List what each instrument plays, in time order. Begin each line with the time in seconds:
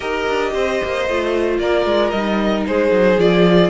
0.00 cello D#4, viola G4, violin A#4 D#5
0.28 cello D4
0.53 cello C4, violin C5
0.83 cello A#3
1.09 cello A3, viola F4
1.59 cello A#3, violin A#4 D5
1.85 cello G#3
2.10 cello G3, violin D#5
2.16 viola D#4
2.66 cello G#3, violin G#4 C5
2.90 cello F#3
3.18 cello F3, viola F4, violin D5